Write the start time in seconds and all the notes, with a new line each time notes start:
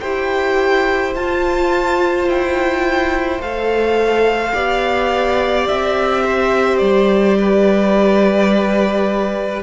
0.00 E4 G4 C5 G5
1.15 F4 A5
2.28 E4 G5
3.39 A3 A4 F5
4.53 B3 G4 D5
5.68 C4 E5
6.24 C5
6.78 G3 D5
7.38 B4